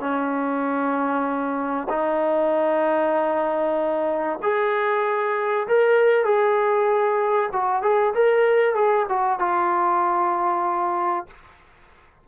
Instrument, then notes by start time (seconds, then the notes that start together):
trombone
0.00 C#4
1.89 D#4
4.42 G#4
5.67 A#4
6.25 G#4
7.53 F#4
7.82 G#4
8.14 A#4
8.75 G#4
9.09 F#4
9.39 F4